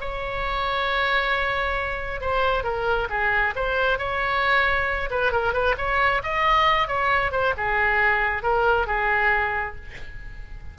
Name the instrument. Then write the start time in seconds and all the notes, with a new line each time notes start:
oboe
0.00 C#5
2.20 C5
2.63 A#4
3.09 G#4
3.56 C5
3.98 C#5
5.10 B4
5.32 A#4
5.53 B4
5.77 C#5
6.23 D#5
6.87 C#5
7.31 C5
7.57 G#4
8.43 A#4
8.86 G#4